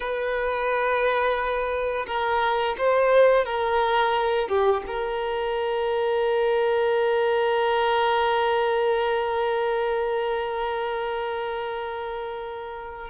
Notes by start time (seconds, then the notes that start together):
0.00 B4
2.07 A#4
2.77 C5
3.45 A#4
4.48 G4
4.86 A#4